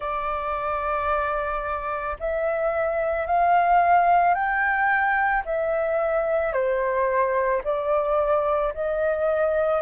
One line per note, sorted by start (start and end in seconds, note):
0.00 2.17 D5
2.19 3.26 E5
3.26 4.34 F5
4.34 5.43 G5
5.45 6.52 E5
6.52 7.61 C5
7.64 8.73 D5
8.73 9.81 D#5